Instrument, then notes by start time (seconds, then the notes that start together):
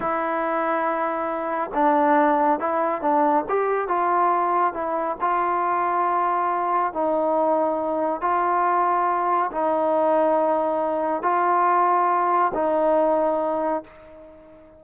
trombone
0.00 E4
1.74 D4
2.59 E4
3.01 D4
3.48 G4
3.88 F4
4.73 E4
5.20 F4
6.93 D#4
8.21 F4
9.51 D#4
11.22 F4
12.54 D#4